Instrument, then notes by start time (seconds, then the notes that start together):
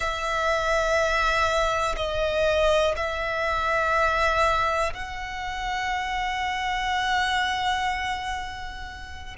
violin
0.00 E5
1.96 D#5
2.96 E5
4.93 F#5